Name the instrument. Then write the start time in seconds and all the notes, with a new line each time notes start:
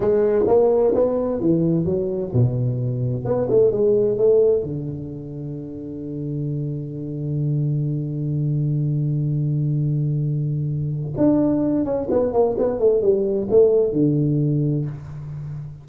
tuba
0.00 G#3
0.47 A#3
0.94 B3
1.40 E3
1.85 F#3
2.33 B2
3.24 B3
3.49 A3
3.71 G#3
4.17 A3
4.63 D3
11.17 D4
11.85 C#4
12.10 B3
12.32 A#3
12.58 B3
12.79 A3
13.01 G3
13.50 A3
13.92 D3